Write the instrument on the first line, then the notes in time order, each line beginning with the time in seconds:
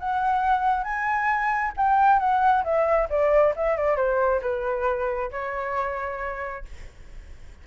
flute
0.00 F#5
0.84 G#5
1.77 G5
2.19 F#5
2.64 E5
3.10 D5
3.56 E5
3.77 D5
3.97 C5
4.42 B4
5.32 C#5